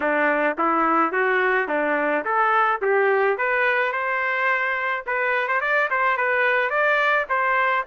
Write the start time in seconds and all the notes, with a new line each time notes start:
0.00 D4
0.58 E4
1.12 F#4
1.68 D4
2.24 A4
2.81 G4
3.37 B4
3.92 C5
5.06 B4
5.47 C5
5.60 D5
5.90 C5
6.17 B4
6.70 D5
7.29 C5